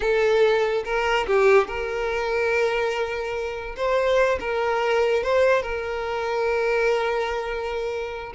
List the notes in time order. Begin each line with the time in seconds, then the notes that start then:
0.00 A4
0.84 A#4
1.26 G4
1.67 A#4
3.76 C5
4.40 A#4
5.23 C5
5.62 A#4